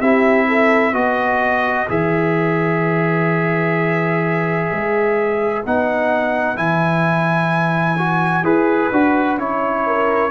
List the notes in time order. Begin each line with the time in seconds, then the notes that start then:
0.00 C4 E4 G4 E5
0.47 A4
0.93 B3 F#4 B4 D#5
1.88 E3 G#4 E5
4.71 G#3
5.65 B3 D#4 F#5
6.56 E3 E4 G#5
7.98 F#4
8.43 E4 G#4 B4
8.91 D4 F#4
9.38 C#4 E4 C#5
9.86 A#4